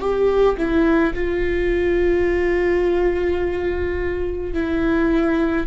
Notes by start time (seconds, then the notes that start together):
0.00 G4
0.57 E4
1.15 F4
4.54 E4